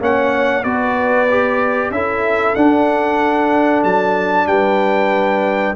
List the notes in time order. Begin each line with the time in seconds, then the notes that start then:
0.00 A#3 C#4 C#5 F#5
0.63 B3 F#4 B4 D5
1.29 G4
1.90 C#4 E4 A4 E5
2.55 D4 F#5
3.84 F#3 A5
4.47 G3 B4 G5